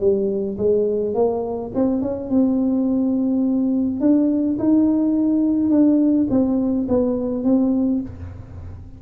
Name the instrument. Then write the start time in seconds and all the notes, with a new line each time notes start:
tuba
0.00 G3
0.58 G#3
1.14 A#3
1.75 C4
2.02 C#4
2.30 C4
4.01 D4
4.59 D#4
5.70 D4
6.30 C4
6.88 B3
7.44 C4